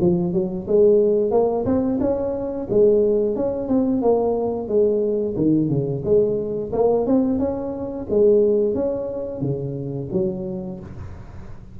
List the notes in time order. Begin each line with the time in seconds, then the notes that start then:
0.00 F3
0.33 F#3
0.67 G#3
1.31 A#3
1.65 C4
2.00 C#4
2.69 G#3
3.36 C#4
3.68 C4
4.01 A#3
4.68 G#3
5.36 D#3
5.69 C#3
6.04 G#3
6.73 A#3
7.06 C4
7.39 C#4
8.10 G#3
8.74 C#4
9.41 C#3
10.12 F#3